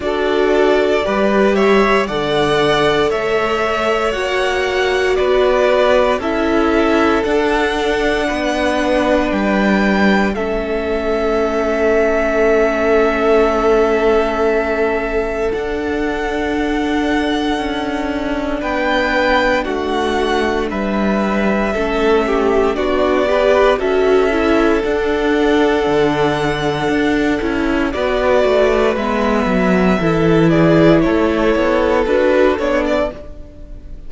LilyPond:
<<
  \new Staff \with { instrumentName = "violin" } { \time 4/4 \tempo 4 = 58 d''4. e''8 fis''4 e''4 | fis''4 d''4 e''4 fis''4~ | fis''4 g''4 e''2~ | e''2. fis''4~ |
fis''2 g''4 fis''4 | e''2 d''4 e''4 | fis''2. d''4 | e''4. d''8 cis''4 b'8 cis''16 d''16 | }
  \new Staff \with { instrumentName = "violin" } { \time 4/4 a'4 b'8 cis''8 d''4 cis''4~ | cis''4 b'4 a'2 | b'2 a'2~ | a'1~ |
a'2 b'4 fis'4 | b'4 a'8 g'8 fis'8 b'8 a'4~ | a'2. b'4~ | b'4 a'8 gis'8 a'2 | }
  \new Staff \with { instrumentName = "viola" } { \time 4/4 fis'4 g'4 a'2 | fis'2 e'4 d'4~ | d'2 cis'2~ | cis'2. d'4~ |
d'1~ | d'4 cis'4 d'8 g'8 fis'8 e'8 | d'2~ d'8 e'8 fis'4 | b4 e'2 fis'8 d'8 | }
  \new Staff \with { instrumentName = "cello" } { \time 4/4 d'4 g4 d4 a4 | ais4 b4 cis'4 d'4 | b4 g4 a2~ | a2. d'4~ |
d'4 cis'4 b4 a4 | g4 a4 b4 cis'4 | d'4 d4 d'8 cis'8 b8 a8 | gis8 fis8 e4 a8 b8 d'8 b8 | }
>>